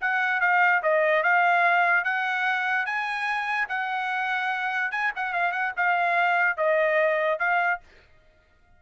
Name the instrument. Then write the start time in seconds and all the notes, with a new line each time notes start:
trumpet
0.00 F#5
0.40 F5
0.82 D#5
1.23 F5
2.04 F#5
2.85 G#5
3.68 F#5
4.91 G#5
5.15 F#5
5.33 F5
5.51 F#5
5.76 F5
6.57 D#5
7.39 F5